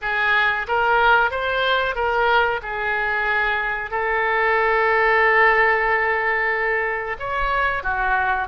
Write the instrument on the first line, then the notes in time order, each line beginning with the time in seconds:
oboe
0.01 G#4
0.67 A#4
1.30 C5
1.95 A#4
2.62 G#4
3.90 A4
7.19 C#5
7.83 F#4